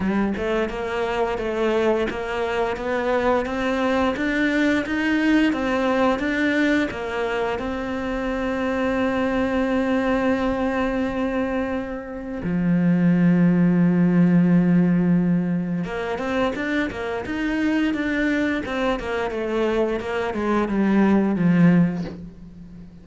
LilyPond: \new Staff \with { instrumentName = "cello" } { \time 4/4 \tempo 4 = 87 g8 a8 ais4 a4 ais4 | b4 c'4 d'4 dis'4 | c'4 d'4 ais4 c'4~ | c'1~ |
c'2 f2~ | f2. ais8 c'8 | d'8 ais8 dis'4 d'4 c'8 ais8 | a4 ais8 gis8 g4 f4 | }